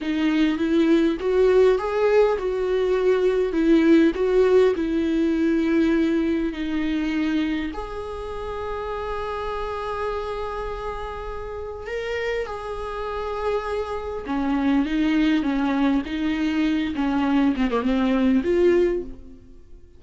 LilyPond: \new Staff \with { instrumentName = "viola" } { \time 4/4 \tempo 4 = 101 dis'4 e'4 fis'4 gis'4 | fis'2 e'4 fis'4 | e'2. dis'4~ | dis'4 gis'2.~ |
gis'1 | ais'4 gis'2. | cis'4 dis'4 cis'4 dis'4~ | dis'8 cis'4 c'16 ais16 c'4 f'4 | }